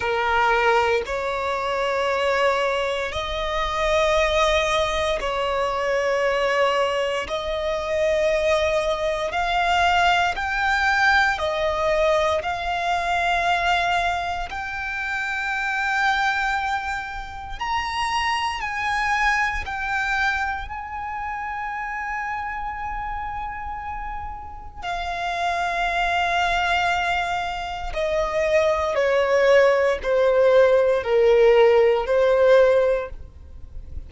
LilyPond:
\new Staff \with { instrumentName = "violin" } { \time 4/4 \tempo 4 = 58 ais'4 cis''2 dis''4~ | dis''4 cis''2 dis''4~ | dis''4 f''4 g''4 dis''4 | f''2 g''2~ |
g''4 ais''4 gis''4 g''4 | gis''1 | f''2. dis''4 | cis''4 c''4 ais'4 c''4 | }